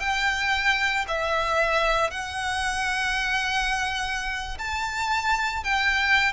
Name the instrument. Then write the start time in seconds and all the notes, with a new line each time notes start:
violin
0.00 G5
1.08 E5
2.11 F#5
4.59 A5
5.64 G5